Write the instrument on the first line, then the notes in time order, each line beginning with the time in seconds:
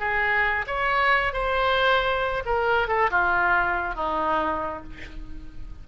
oboe
0.00 G#4
0.67 C#5
1.34 C5
2.46 A#4
2.89 A4
3.11 F4
3.95 D#4